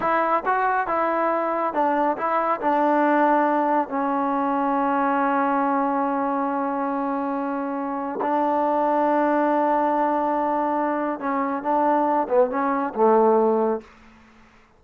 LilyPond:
\new Staff \with { instrumentName = "trombone" } { \time 4/4 \tempo 4 = 139 e'4 fis'4 e'2 | d'4 e'4 d'2~ | d'4 cis'2.~ | cis'1~ |
cis'2. d'4~ | d'1~ | d'2 cis'4 d'4~ | d'8 b8 cis'4 a2 | }